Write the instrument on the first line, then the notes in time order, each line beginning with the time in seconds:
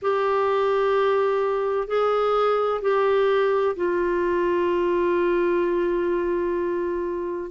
clarinet
0.02 G4
1.87 G#4
2.81 G4
3.76 F4